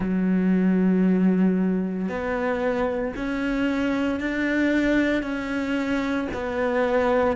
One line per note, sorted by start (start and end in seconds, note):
0.00 2.08 F#3
2.08 3.13 B3
3.16 4.20 C#4
4.20 5.22 D4
5.22 6.28 C#4
6.33 7.36 B3